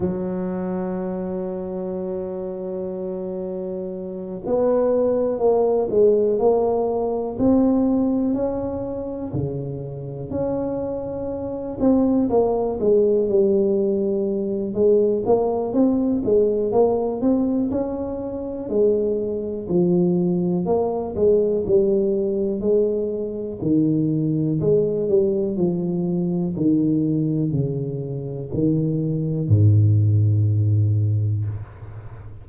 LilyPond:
\new Staff \with { instrumentName = "tuba" } { \time 4/4 \tempo 4 = 61 fis1~ | fis8 b4 ais8 gis8 ais4 c'8~ | c'8 cis'4 cis4 cis'4. | c'8 ais8 gis8 g4. gis8 ais8 |
c'8 gis8 ais8 c'8 cis'4 gis4 | f4 ais8 gis8 g4 gis4 | dis4 gis8 g8 f4 dis4 | cis4 dis4 gis,2 | }